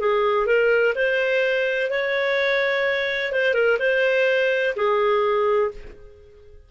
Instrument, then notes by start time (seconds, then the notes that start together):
clarinet
0.00 G#4
0.46 A#4
0.95 C5
1.90 C#5
3.32 C5
3.54 A#4
3.80 C5
4.76 G#4